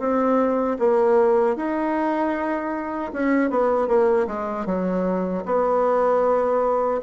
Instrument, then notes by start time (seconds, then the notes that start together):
bassoon
0.00 C4
0.80 A#3
1.57 D#4
3.13 C#4
3.51 B3
3.88 A#3
4.28 G#3
4.66 F#3
5.46 B3